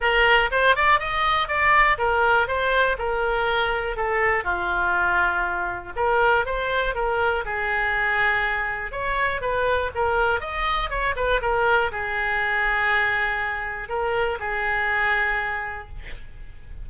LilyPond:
\new Staff \with { instrumentName = "oboe" } { \time 4/4 \tempo 4 = 121 ais'4 c''8 d''8 dis''4 d''4 | ais'4 c''4 ais'2 | a'4 f'2. | ais'4 c''4 ais'4 gis'4~ |
gis'2 cis''4 b'4 | ais'4 dis''4 cis''8 b'8 ais'4 | gis'1 | ais'4 gis'2. | }